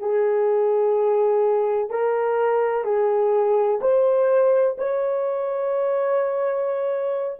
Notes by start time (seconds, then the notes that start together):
0.00 G#4
1.90 A#4
2.84 G#4
3.81 C5
4.78 C#5